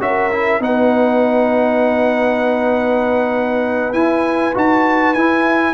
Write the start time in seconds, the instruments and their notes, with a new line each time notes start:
0.00 tuba C#4, trombone F#4, horn A#4, trumpet E5
0.32 trombone E4
0.60 tuba B3, trombone D#4, horn B4, trumpet F#5
3.94 tuba E4, trombone E4, trumpet G#5
4.54 tuba D#4, trombone F#4, trumpet A5
5.14 tuba E4, trombone E4, trumpet G#5